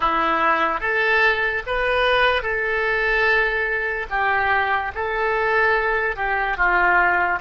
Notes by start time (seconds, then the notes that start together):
0.00 E4
0.80 A4
1.66 B4
2.42 A4
4.09 G4
4.94 A4
6.16 G4
6.57 F4